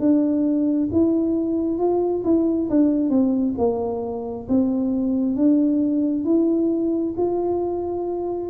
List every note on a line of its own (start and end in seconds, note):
0.00 0.90 D4
0.92 1.79 E4
1.79 2.23 F4
2.25 2.70 E4
2.70 3.11 D4
3.11 3.55 C4
3.59 4.48 A#3
4.49 5.36 C4
5.36 6.25 D4
6.25 7.15 E4
7.18 8.50 F4